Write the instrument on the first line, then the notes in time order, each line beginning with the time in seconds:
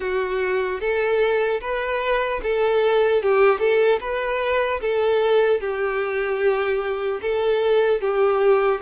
violin
0.00 F#4
0.80 A4
1.60 B4
2.43 A4
3.22 G4
3.59 A4
4.00 B4
4.80 A4
5.60 G4
7.21 A4
8.00 G4